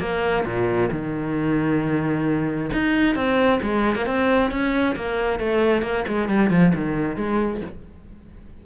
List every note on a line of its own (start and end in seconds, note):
0.00 0.45 A#3
0.45 0.90 A#2
0.92 2.71 D#3
2.73 3.15 D#4
3.15 3.60 C4
3.62 3.95 G#3
3.95 4.06 A#3
4.06 4.51 C4
4.51 4.96 C#4
4.96 5.40 A#3
5.40 5.82 A3
5.82 6.04 A#3
6.08 6.29 G#3
6.29 6.50 G3
6.50 6.72 F3
6.75 7.16 D#3
7.16 7.61 G#3